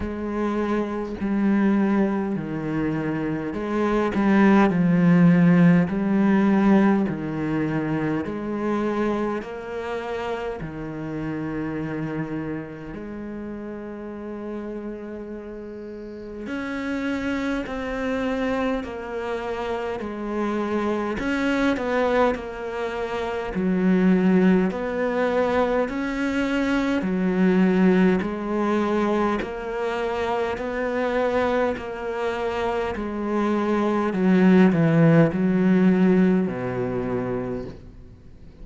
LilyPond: \new Staff \with { instrumentName = "cello" } { \time 4/4 \tempo 4 = 51 gis4 g4 dis4 gis8 g8 | f4 g4 dis4 gis4 | ais4 dis2 gis4~ | gis2 cis'4 c'4 |
ais4 gis4 cis'8 b8 ais4 | fis4 b4 cis'4 fis4 | gis4 ais4 b4 ais4 | gis4 fis8 e8 fis4 b,4 | }